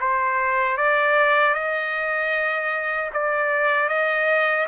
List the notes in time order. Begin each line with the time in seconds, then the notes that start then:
0.00 C5
0.77 D5
1.54 D#5
3.13 D5
3.89 D#5